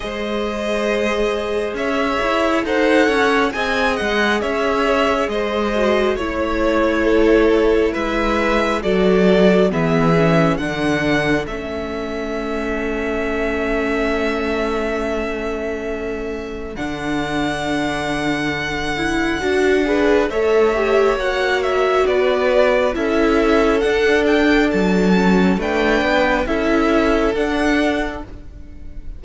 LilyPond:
<<
  \new Staff \with { instrumentName = "violin" } { \time 4/4 \tempo 4 = 68 dis''2 e''4 fis''4 | gis''8 fis''8 e''4 dis''4 cis''4~ | cis''4 e''4 d''4 e''4 | fis''4 e''2.~ |
e''2. fis''4~ | fis''2. e''4 | fis''8 e''8 d''4 e''4 fis''8 g''8 | a''4 g''4 e''4 fis''4 | }
  \new Staff \with { instrumentName = "violin" } { \time 4/4 c''2 cis''4 c''8 cis''8 | dis''4 cis''4 c''4 cis''4 | a'4 b'4 a'4 gis'4 | a'1~ |
a'1~ | a'2~ a'8 b'8 cis''4~ | cis''4 b'4 a'2~ | a'4 b'4 a'2 | }
  \new Staff \with { instrumentName = "viola" } { \time 4/4 gis'2. a'4 | gis'2~ gis'8 fis'8 e'4~ | e'2 fis'4 b8 cis'8 | d'4 cis'2.~ |
cis'2. d'4~ | d'4. e'8 fis'8 gis'8 a'8 g'8 | fis'2 e'4 d'4~ | d'8 cis'8 d'4 e'4 d'4 | }
  \new Staff \with { instrumentName = "cello" } { \time 4/4 gis2 cis'8 e'8 dis'8 cis'8 | c'8 gis8 cis'4 gis4 a4~ | a4 gis4 fis4 e4 | d4 a2.~ |
a2. d4~ | d2 d'4 a4 | ais4 b4 cis'4 d'4 | fis4 a8 b8 cis'4 d'4 | }
>>